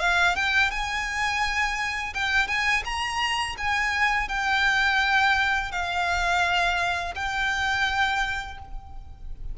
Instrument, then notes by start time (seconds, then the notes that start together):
violin
0.00 F5
0.36 G5
0.71 G#5
2.15 G5
2.48 G#5
2.85 A#5
3.58 G#5
4.29 G5
5.72 F5
7.16 G5